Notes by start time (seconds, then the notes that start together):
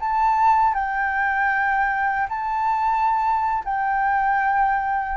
0.00 A5
0.74 G5
2.29 A5
3.65 G5